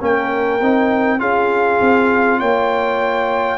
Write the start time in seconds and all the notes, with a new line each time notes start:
0.00 A#3 C#4 A#4 G5
0.61 C4 D#4
1.19 C#4 F4 G#4 F5
1.80 C4
2.39 A#3 C#5 G5